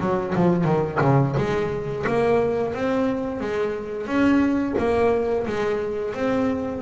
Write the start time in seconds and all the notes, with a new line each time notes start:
0.00 F#3
0.35 F3
0.64 D#3
1.01 C#3
1.37 G#3
2.07 A#3
2.74 C4
3.40 G#3
4.07 C#4
4.78 A#3
5.47 G#3
6.14 C4